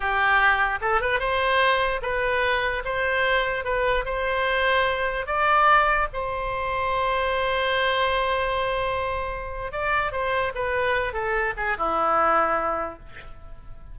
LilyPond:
\new Staff \with { instrumentName = "oboe" } { \time 4/4 \tempo 4 = 148 g'2 a'8 b'8 c''4~ | c''4 b'2 c''4~ | c''4 b'4 c''2~ | c''4 d''2 c''4~ |
c''1~ | c''1 | d''4 c''4 b'4. a'8~ | a'8 gis'8 e'2. | }